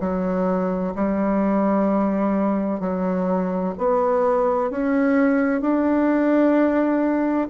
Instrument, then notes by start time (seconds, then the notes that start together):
bassoon
0.00 F#3
0.95 G3
2.80 F#3
3.78 B3
4.71 C#4
5.61 D4